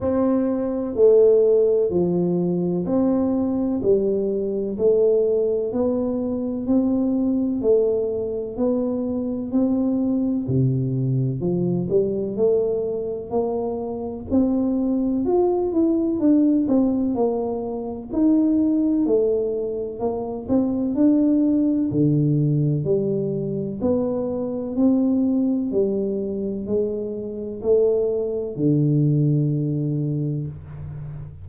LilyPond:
\new Staff \with { instrumentName = "tuba" } { \time 4/4 \tempo 4 = 63 c'4 a4 f4 c'4 | g4 a4 b4 c'4 | a4 b4 c'4 c4 | f8 g8 a4 ais4 c'4 |
f'8 e'8 d'8 c'8 ais4 dis'4 | a4 ais8 c'8 d'4 d4 | g4 b4 c'4 g4 | gis4 a4 d2 | }